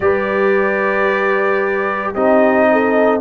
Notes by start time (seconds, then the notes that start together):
0.00 G3 G4 B4 D5
2.13 C4 D#4 G4 D#5
2.72 A4